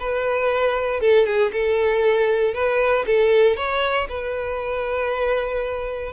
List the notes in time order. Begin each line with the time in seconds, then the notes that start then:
0.00 B4
1.01 A4
1.26 G#4
1.53 A4
2.54 B4
3.07 A4
3.57 C#5
4.09 B4